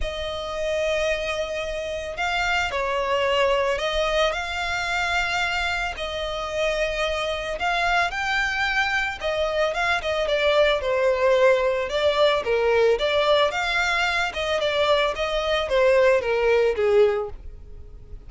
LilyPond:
\new Staff \with { instrumentName = "violin" } { \time 4/4 \tempo 4 = 111 dis''1 | f''4 cis''2 dis''4 | f''2. dis''4~ | dis''2 f''4 g''4~ |
g''4 dis''4 f''8 dis''8 d''4 | c''2 d''4 ais'4 | d''4 f''4. dis''8 d''4 | dis''4 c''4 ais'4 gis'4 | }